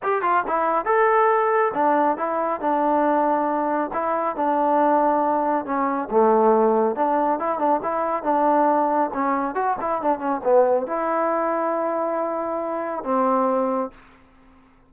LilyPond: \new Staff \with { instrumentName = "trombone" } { \time 4/4 \tempo 4 = 138 g'8 f'8 e'4 a'2 | d'4 e'4 d'2~ | d'4 e'4 d'2~ | d'4 cis'4 a2 |
d'4 e'8 d'8 e'4 d'4~ | d'4 cis'4 fis'8 e'8 d'8 cis'8 | b4 e'2.~ | e'2 c'2 | }